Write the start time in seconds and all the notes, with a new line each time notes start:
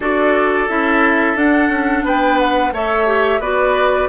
0.00 D4 F#4 A4 D5
0.68 C#4 E4 E5
1.35 D4 F#5
1.68 C#4
2.03 B3 B4 G5
2.38 F#5
2.72 A3 A4 C#5 E5
3.06 G4
3.39 B3 F#4 B4 D5